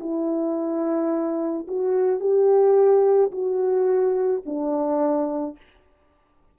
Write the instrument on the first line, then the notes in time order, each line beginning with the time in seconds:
horn
0.00 E4
1.67 F#4
2.20 G4
3.31 F#4
4.45 D4